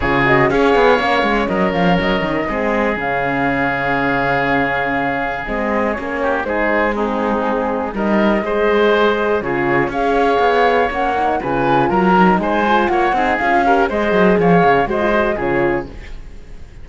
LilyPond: <<
  \new Staff \with { instrumentName = "flute" } { \time 4/4 \tempo 4 = 121 cis''8 dis''8 f''2 dis''8 f''8 | dis''2 f''2~ | f''2. dis''4 | cis''4 c''4 gis'2 |
dis''2. cis''4 | f''2 fis''4 gis''4 | ais''4 gis''4 fis''4 f''4 | dis''4 f''4 dis''4 cis''4 | }
  \new Staff \with { instrumentName = "oboe" } { \time 4/4 gis'4 cis''2 ais'4~ | ais'4 gis'2.~ | gis'1~ | gis'8 g'8 gis'4 dis'2 |
ais'4 c''2 gis'4 | cis''2. b'4 | ais'4 c''4 cis''8 gis'4 ais'8 | c''4 cis''4 c''4 gis'4 | }
  \new Staff \with { instrumentName = "horn" } { \time 4/4 f'8 fis'8 gis'4 cis'2~ | cis'4 c'4 cis'2~ | cis'2. c'4 | cis'4 dis'4 c'2 |
dis'4 gis'2 f'4 | gis'2 cis'8 dis'8 f'4~ | f'8 dis'4 f'4 dis'8 f'8 g'8 | gis'2 fis'16 f'16 fis'8 f'4 | }
  \new Staff \with { instrumentName = "cello" } { \time 4/4 cis4 cis'8 b8 ais8 gis8 fis8 f8 | fis8 dis8 gis4 cis2~ | cis2. gis4 | ais4 gis2. |
g4 gis2 cis4 | cis'4 b4 ais4 cis4 | fis4 gis4 ais8 c'8 cis'4 | gis8 fis8 f8 cis8 gis4 cis4 | }
>>